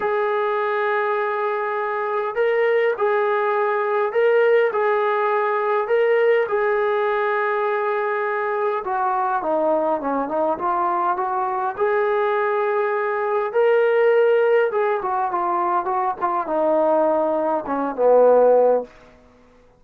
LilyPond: \new Staff \with { instrumentName = "trombone" } { \time 4/4 \tempo 4 = 102 gis'1 | ais'4 gis'2 ais'4 | gis'2 ais'4 gis'4~ | gis'2. fis'4 |
dis'4 cis'8 dis'8 f'4 fis'4 | gis'2. ais'4~ | ais'4 gis'8 fis'8 f'4 fis'8 f'8 | dis'2 cis'8 b4. | }